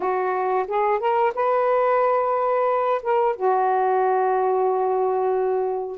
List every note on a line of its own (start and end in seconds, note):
0.00 0.66 F#4
0.67 0.99 G#4
0.99 1.32 A#4
1.35 3.01 B4
3.02 3.35 A#4
3.35 5.98 F#4